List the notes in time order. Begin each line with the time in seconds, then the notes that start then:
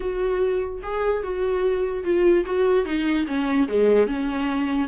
0.00 F#4
0.83 G#4
1.23 F#4
2.04 F4
2.45 F#4
2.85 D#4
3.26 C#4
3.68 G#3
4.07 C#4